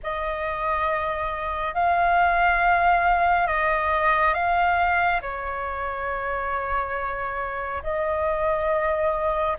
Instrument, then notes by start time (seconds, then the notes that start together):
flute
0.03 D#5
1.74 F5
3.47 D#5
4.34 F5
5.21 C#5
7.83 D#5